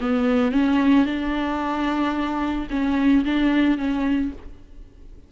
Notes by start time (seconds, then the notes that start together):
0.00 B3
0.51 C#4
1.05 D4
2.70 C#4
3.24 D4
3.77 C#4